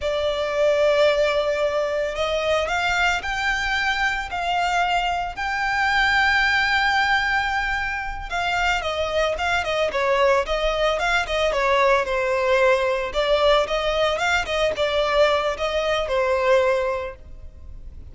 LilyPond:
\new Staff \with { instrumentName = "violin" } { \time 4/4 \tempo 4 = 112 d''1 | dis''4 f''4 g''2 | f''2 g''2~ | g''2.~ g''8 f''8~ |
f''8 dis''4 f''8 dis''8 cis''4 dis''8~ | dis''8 f''8 dis''8 cis''4 c''4.~ | c''8 d''4 dis''4 f''8 dis''8 d''8~ | d''4 dis''4 c''2 | }